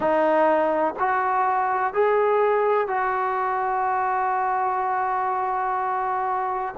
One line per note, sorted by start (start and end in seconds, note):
0.00 0.94 D#4
0.99 1.93 F#4
1.93 2.87 G#4
2.87 6.74 F#4